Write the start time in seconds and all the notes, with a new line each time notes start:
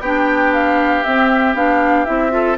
0.00 B3 D4 G4 G5
0.53 F5
1.03 C4 E5
1.54 B3 D4 F5
2.05 C4 E4 E5
2.30 F4 A4